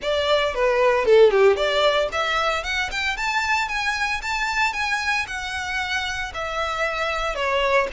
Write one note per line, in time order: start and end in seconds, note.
0.01 0.54 D5
0.54 1.05 B4
1.05 1.30 A4
1.30 1.56 G4
1.56 2.08 D5
2.11 2.63 E5
2.63 2.89 F#5
2.91 3.17 G5
3.17 3.68 A5
3.68 4.21 G#5
4.22 4.73 A5
4.73 5.25 G#5
5.27 6.32 F#5
6.34 7.35 E5
7.35 7.87 C#5